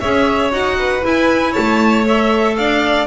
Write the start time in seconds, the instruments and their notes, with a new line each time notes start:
0.00 double bass C#4, clarinet G#4, violin C#5 E5
0.51 double bass D#4, clarinet F#4, violin F#5
0.79 violin B4
1.01 clarinet E4, double bass E4, violin G#5
1.51 violin C#5 A5
1.58 double bass A3
2.05 clarinet A4, violin E5
2.56 double bass D4, violin D5 F5